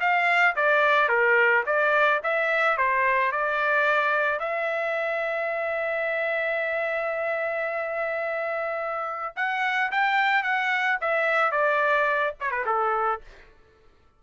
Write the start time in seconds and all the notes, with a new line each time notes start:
0.00 F5
0.56 D5
1.08 A#4
1.66 D5
2.23 E5
2.77 C5
3.31 D5
4.39 E5
9.36 F#5
9.91 G5
10.43 F#5
11.01 E5
11.51 D5
12.40 C#5
12.51 B4
12.66 A4